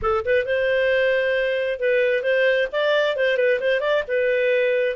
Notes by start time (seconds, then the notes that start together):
0.02 A4
0.25 B4
0.45 C5
1.79 B4
2.22 C5
2.71 D5
3.16 C5
3.37 B4
3.60 C5
3.80 D5
4.07 B4